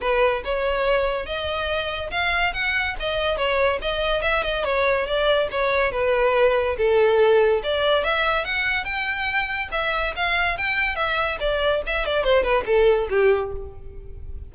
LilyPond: \new Staff \with { instrumentName = "violin" } { \time 4/4 \tempo 4 = 142 b'4 cis''2 dis''4~ | dis''4 f''4 fis''4 dis''4 | cis''4 dis''4 e''8 dis''8 cis''4 | d''4 cis''4 b'2 |
a'2 d''4 e''4 | fis''4 g''2 e''4 | f''4 g''4 e''4 d''4 | e''8 d''8 c''8 b'8 a'4 g'4 | }